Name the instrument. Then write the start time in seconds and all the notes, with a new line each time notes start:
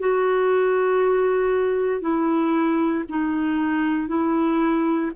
clarinet
0.00 F#4
2.01 E4
3.09 D#4
4.08 E4